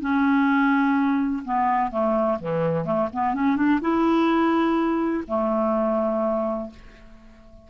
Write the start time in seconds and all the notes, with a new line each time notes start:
0.00 C#4
1.44 B3
1.90 A3
2.39 E3
2.85 A3
3.13 B3
3.34 C#4
3.56 D4
3.81 E4
5.27 A3